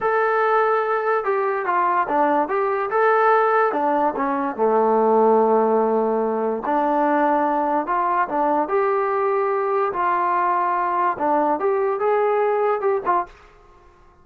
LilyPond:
\new Staff \with { instrumentName = "trombone" } { \time 4/4 \tempo 4 = 145 a'2. g'4 | f'4 d'4 g'4 a'4~ | a'4 d'4 cis'4 a4~ | a1 |
d'2. f'4 | d'4 g'2. | f'2. d'4 | g'4 gis'2 g'8 f'8 | }